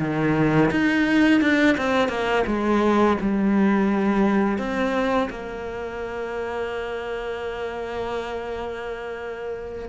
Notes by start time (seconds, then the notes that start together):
0.00 D#3
0.71 D#4
1.42 D4
1.78 C4
2.09 A#3
2.47 G#3
3.21 G3
4.59 C4
5.31 A#3